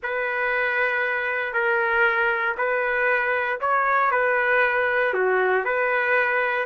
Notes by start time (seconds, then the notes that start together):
0.02 B4
1.53 A#4
2.57 B4
3.60 C#5
4.11 B4
5.13 F#4
5.65 B4